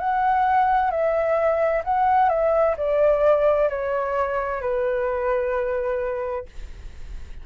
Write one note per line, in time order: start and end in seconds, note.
0.00 0.91 F#5
0.91 1.83 E5
1.85 2.30 F#5
2.30 2.76 E5
2.78 3.70 D5
3.70 4.62 C#5
4.62 6.46 B4